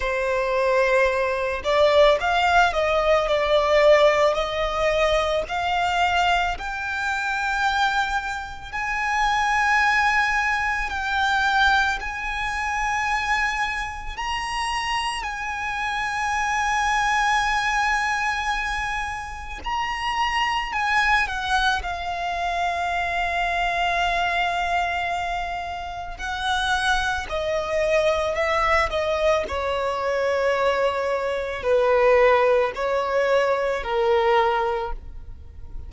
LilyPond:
\new Staff \with { instrumentName = "violin" } { \time 4/4 \tempo 4 = 55 c''4. d''8 f''8 dis''8 d''4 | dis''4 f''4 g''2 | gis''2 g''4 gis''4~ | gis''4 ais''4 gis''2~ |
gis''2 ais''4 gis''8 fis''8 | f''1 | fis''4 dis''4 e''8 dis''8 cis''4~ | cis''4 b'4 cis''4 ais'4 | }